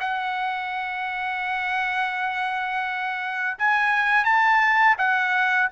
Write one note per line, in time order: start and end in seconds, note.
0.00 3.57 F#5
3.58 4.24 G#5
4.24 4.96 A5
4.98 5.69 F#5